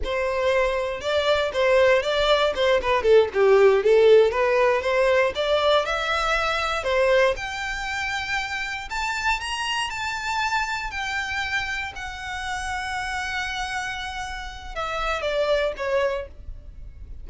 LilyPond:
\new Staff \with { instrumentName = "violin" } { \time 4/4 \tempo 4 = 118 c''2 d''4 c''4 | d''4 c''8 b'8 a'8 g'4 a'8~ | a'8 b'4 c''4 d''4 e''8~ | e''4. c''4 g''4.~ |
g''4. a''4 ais''4 a''8~ | a''4. g''2 fis''8~ | fis''1~ | fis''4 e''4 d''4 cis''4 | }